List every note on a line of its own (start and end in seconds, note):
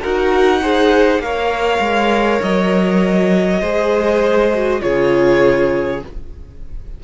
0.00 1.18 D#4
0.00 0.62 F#4
0.00 0.60 A#4
0.00 1.21 F#5
0.61 1.22 G#4
0.61 1.22 C5
1.18 1.78 A#3
1.18 3.62 A#4
1.18 3.60 C#5
1.18 2.41 F5
1.79 2.39 G#3
2.42 3.61 F#3
2.42 4.81 D#5
3.60 4.81 G#3
3.60 4.52 G#4
3.60 4.80 C5
4.53 4.80 F#4
4.80 6.02 C#3
4.80 6.00 F4
4.80 6.03 G#4
4.80 6.01 C#5